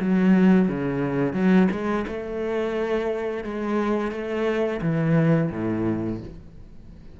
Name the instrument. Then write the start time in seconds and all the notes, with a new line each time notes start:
cello
0.00 F#3
0.68 C#3
1.33 F#3
1.71 G#3
2.07 A3
3.44 G#3
4.11 A3
4.81 E3
5.51 A2